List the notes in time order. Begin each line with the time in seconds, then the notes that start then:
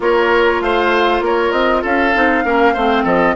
0.00 A#3 F4 A#4 C#5
0.60 A3 C5 F5
1.20 A#3 A#4 C#5
1.51 C4 D#5
1.82 C#4 A4 F5
2.14 C4 D#4
2.44 A#3 C#4 A#4
2.73 A3 C4 C5
3.03 F3 A4 D#5